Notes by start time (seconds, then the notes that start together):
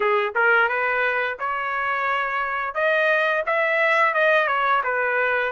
0.00 G#4
0.35 A#4
0.68 B4
1.39 C#5
2.74 D#5
3.45 E5
4.13 D#5
4.47 C#5
4.83 B4